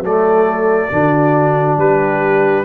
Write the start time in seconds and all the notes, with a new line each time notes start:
0.00 F#3 A3 A4 D5
0.92 D3 D4 F#4
1.77 G3 G4 B4